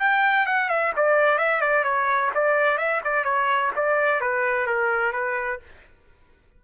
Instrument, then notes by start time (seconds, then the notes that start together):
trumpet
0.00 G5
0.47 F#5
0.69 E5
0.97 D5
1.39 E5
1.62 D5
1.84 C#5
2.35 D5
2.78 E5
3.05 D5
3.25 C#5
3.76 D5
4.21 B4
4.67 A#4
5.13 B4